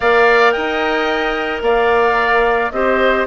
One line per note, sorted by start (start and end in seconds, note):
0.00 0.55 A#3
0.00 2.74 A#4
0.00 0.53 D5
0.00 0.51 F5
0.51 1.61 D#4
0.51 1.62 D#5
0.51 1.60 G5
1.61 2.71 A#3
1.61 2.72 D5
1.61 2.71 F5
2.71 3.26 C4
2.71 3.27 G4
2.71 3.27 C5
2.71 3.25 D#5